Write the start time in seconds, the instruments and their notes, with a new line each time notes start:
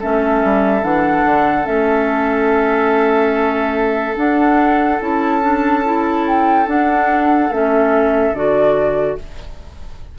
0.00 bassoon A3, clarinet C#4, oboe A4, flute E5
0.44 bassoon G3
0.82 bassoon E3, clarinet D4, flute F#5
1.25 bassoon D3
1.64 bassoon A3, clarinet C#4, flute E5
4.16 clarinet D4, bassoon D4, flute F#5
5.00 bassoon C#4, clarinet E4, flute A5
5.42 clarinet D4
5.85 clarinet E4
6.27 flute G5
6.66 clarinet D4, bassoon D4, flute F#5
7.50 bassoon A3, clarinet C#4, flute E5
8.32 bassoon D3, clarinet F#4, flute D5